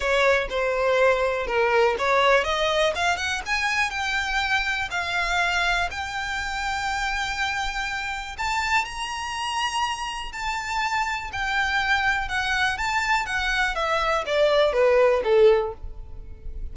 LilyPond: \new Staff \with { instrumentName = "violin" } { \time 4/4 \tempo 4 = 122 cis''4 c''2 ais'4 | cis''4 dis''4 f''8 fis''8 gis''4 | g''2 f''2 | g''1~ |
g''4 a''4 ais''2~ | ais''4 a''2 g''4~ | g''4 fis''4 a''4 fis''4 | e''4 d''4 b'4 a'4 | }